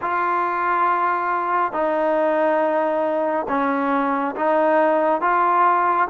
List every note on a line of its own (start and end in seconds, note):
0.01 1.72 F4
1.72 3.46 D#4
3.48 4.35 C#4
4.35 5.21 D#4
5.21 6.08 F4